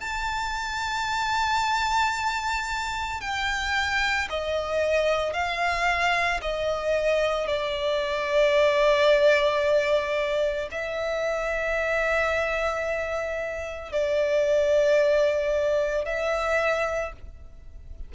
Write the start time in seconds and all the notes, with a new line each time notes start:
0.00 A5
3.21 G5
4.30 D#5
5.33 F5
6.42 D#5
7.48 D5
10.71 E5
13.92 D5
16.06 E5